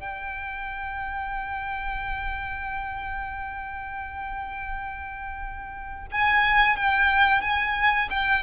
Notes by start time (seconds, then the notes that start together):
0.00 G5
6.12 G#5
6.76 G5
7.41 G#5
8.10 G5